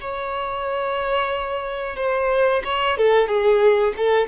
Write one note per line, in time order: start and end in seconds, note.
0.00 1.96 C#5
1.96 2.62 C5
2.64 2.97 C#5
2.97 3.27 A4
3.27 3.93 G#4
3.97 4.27 A4